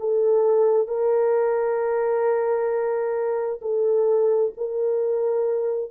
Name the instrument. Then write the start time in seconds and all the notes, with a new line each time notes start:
horn
0.00 A4
0.88 A#4
3.62 A4
4.58 A#4